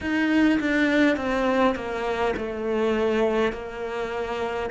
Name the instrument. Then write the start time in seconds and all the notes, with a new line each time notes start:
cello
0.01 D#4
0.59 D4
1.16 C4
1.75 A#3
2.36 A3
3.52 A#3